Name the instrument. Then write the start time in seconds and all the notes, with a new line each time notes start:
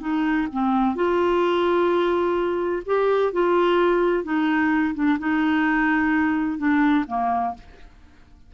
clarinet
0.00 D#4
0.52 C4
0.95 F4
2.86 G4
3.32 F4
4.23 D#4
4.94 D4
5.19 D#4
6.58 D4
7.07 A#3